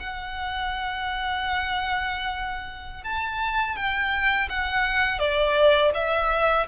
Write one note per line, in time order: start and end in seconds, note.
0.00 3.04 F#5
3.04 3.77 A5
3.77 4.49 G5
4.50 5.19 F#5
5.19 5.92 D5
5.95 6.67 E5